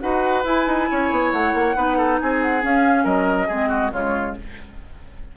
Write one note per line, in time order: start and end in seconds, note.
0.00 0.44 D#4
0.00 0.44 F#4
0.00 0.89 B4
0.00 0.43 F#5
0.44 0.66 E4
0.44 1.75 E4
0.44 1.32 G#5
0.66 0.88 D#4
0.90 1.11 C#4
0.90 1.76 C#5
1.11 1.32 B3
1.32 1.53 A3
1.32 2.19 F#5
1.53 1.75 A#3
1.75 2.20 B3
1.75 2.61 D#4
1.75 1.97 B4
1.97 2.19 A4
2.20 2.63 C4
2.20 3.04 G#4
2.20 2.42 G#5
2.42 2.63 F#5
2.61 3.48 C#4
2.61 3.05 C#4
2.61 3.05 F5
3.04 3.48 F#3
3.04 3.47 A#4
3.04 3.92 D#5
3.47 3.92 G#3
3.47 3.92 C4
3.47 3.68 G#4
3.68 3.90 F#4
3.92 4.36 C#3
3.92 4.35 G#3
3.92 4.36 F4
3.92 4.35 C#5